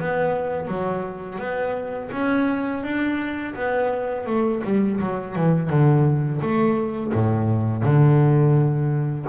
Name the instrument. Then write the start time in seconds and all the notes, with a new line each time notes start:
double bass
0.00 B3
0.68 F#3
1.39 B3
2.12 C#4
2.83 D4
3.55 B3
4.26 A3
4.64 G3
5.00 F#3
5.35 E3
5.69 D3
6.41 A3
7.13 A2
7.82 D3